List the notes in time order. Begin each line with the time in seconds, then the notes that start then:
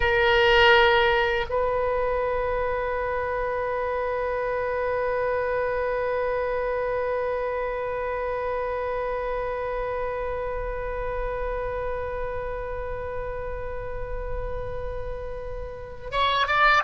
0.00 A#4
1.49 B4
16.11 C#5
16.47 D5